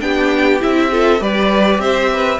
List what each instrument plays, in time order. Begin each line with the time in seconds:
0.00 cello B3, viola D4, violin G4 G5
0.60 cello C4, viola E4, violin E5
0.92 viola F4, violin A4
1.19 cello G3, viola G4, violin B4 D5
1.78 cello C4, violin C5 E5
2.12 violin B4